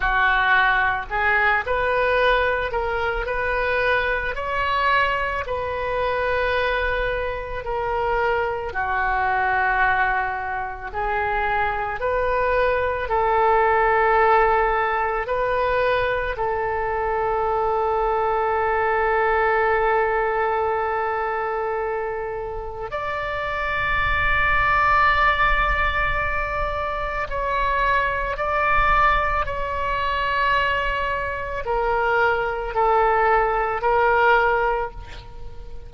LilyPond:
\new Staff \with { instrumentName = "oboe" } { \time 4/4 \tempo 4 = 55 fis'4 gis'8 b'4 ais'8 b'4 | cis''4 b'2 ais'4 | fis'2 gis'4 b'4 | a'2 b'4 a'4~ |
a'1~ | a'4 d''2.~ | d''4 cis''4 d''4 cis''4~ | cis''4 ais'4 a'4 ais'4 | }